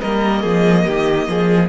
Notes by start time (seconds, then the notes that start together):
0.00 G3 A#3 A#4 D#5
0.42 F3 G#4
0.85 D#3 G4
1.28 F3 G#4